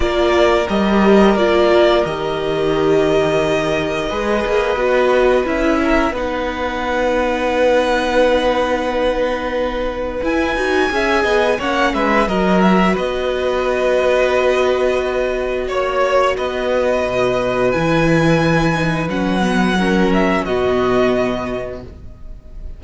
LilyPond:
<<
  \new Staff \with { instrumentName = "violin" } { \time 4/4 \tempo 4 = 88 d''4 dis''4 d''4 dis''4~ | dis''1 | e''4 fis''2.~ | fis''2. gis''4~ |
gis''4 fis''8 e''8 dis''8 e''8 dis''4~ | dis''2. cis''4 | dis''2 gis''2 | fis''4. e''8 dis''2 | }
  \new Staff \with { instrumentName = "violin" } { \time 4/4 ais'1~ | ais'2 b'2~ | b'8 ais'8 b'2.~ | b'1 |
e''8 dis''8 cis''8 b'8 ais'4 b'4~ | b'2. cis''4 | b'1~ | b'4 ais'4 fis'2 | }
  \new Staff \with { instrumentName = "viola" } { \time 4/4 f'4 g'4 f'4 g'4~ | g'2 gis'4 fis'4 | e'4 dis'2.~ | dis'2. e'8 fis'8 |
gis'4 cis'4 fis'2~ | fis'1~ | fis'2 e'4. dis'8 | cis'8 b8 cis'4 b2 | }
  \new Staff \with { instrumentName = "cello" } { \time 4/4 ais4 g4 ais4 dis4~ | dis2 gis8 ais8 b4 | cis'4 b2.~ | b2. e'8 dis'8 |
cis'8 b8 ais8 gis8 fis4 b4~ | b2. ais4 | b4 b,4 e2 | fis2 b,2 | }
>>